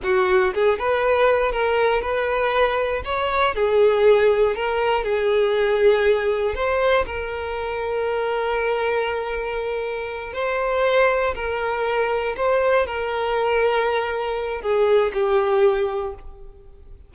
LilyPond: \new Staff \with { instrumentName = "violin" } { \time 4/4 \tempo 4 = 119 fis'4 gis'8 b'4. ais'4 | b'2 cis''4 gis'4~ | gis'4 ais'4 gis'2~ | gis'4 c''4 ais'2~ |
ais'1~ | ais'8 c''2 ais'4.~ | ais'8 c''4 ais'2~ ais'8~ | ais'4 gis'4 g'2 | }